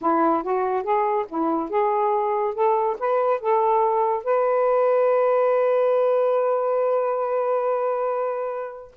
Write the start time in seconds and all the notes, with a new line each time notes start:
0.01 E4
0.43 F#4
0.83 G#4
1.28 E4
1.69 G#4
2.54 A4
2.99 B4
3.40 A4
4.24 B4